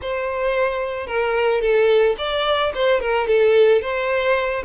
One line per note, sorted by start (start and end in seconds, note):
0.01 1.06 C5
1.06 1.61 A#4
1.61 2.15 A4
2.17 2.72 D5
2.74 3.00 C5
3.00 3.27 A#4
3.27 3.81 A4
3.81 4.63 C5